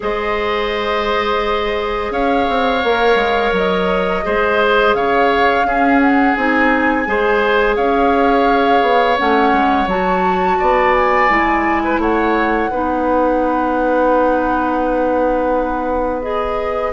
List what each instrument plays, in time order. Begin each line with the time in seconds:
0.00 bassoon G#3, clarinet G#4, oboe C5, flute D#5
2.10 bassoon C#4, oboe C#5, flute F5
2.49 bassoon C4
2.84 bassoon A#3, clarinet A#4
3.15 bassoon G#3
3.51 bassoon F#3, flute D#5
4.23 bassoon G#3, clarinet G#4, oboe C5
4.94 bassoon C#3, oboe C#5, flute F5
5.63 bassoon C#4, clarinet C#4, oboe G#4
6.00 flute F#5
6.36 bassoon C4, clarinet D#4, flute G#5
7.05 bassoon G#3, clarinet G#4, oboe C5
7.76 bassoon C#4, oboe C#5, flute F5
8.81 bassoon B3
9.17 bassoon A3, clarinet C#4, flute F#5
9.52 bassoon G#3
9.86 bassoon F#3, clarinet F#4, flute A5
10.59 bassoon B3, oboe D5
10.94 flute G#5
11.29 bassoon G#3, clarinet E4
11.84 oboe B4
11.97 bassoon A3, oboe C#5, flute F#5
12.70 bassoon B3, clarinet D#4, oboe B4
16.22 clarinet G#4, flute D#5